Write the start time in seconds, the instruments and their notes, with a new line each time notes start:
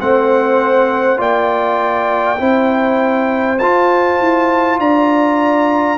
0.00 tuba A3, trombone C4, horn C5, trumpet F#5
1.17 tuba A#3, trombone F4, horn D5, trumpet G5
2.38 tuba C4, trombone E4, horn C5
3.59 tuba F4, trombone F4, trumpet A5
4.21 tuba E4
4.79 tuba D4, horn D5, trumpet A#5